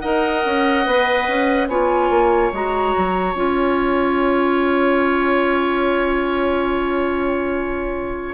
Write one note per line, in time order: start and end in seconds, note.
0.00 0.45 D#4
0.00 0.85 A#4
0.00 1.68 D#5
0.00 1.67 F#5
0.45 0.87 C#4
0.85 1.28 B3
0.85 1.69 B4
1.28 1.68 C#4
1.68 2.10 B3
1.68 2.53 F4
1.68 8.34 C#5
1.68 2.52 G#5
2.10 2.52 A#3
2.53 2.94 G#3
2.53 3.36 F#4
2.53 3.35 A#5
2.98 3.35 F#3
3.35 8.34 C#4
3.35 8.34 F4
3.35 8.34 G#5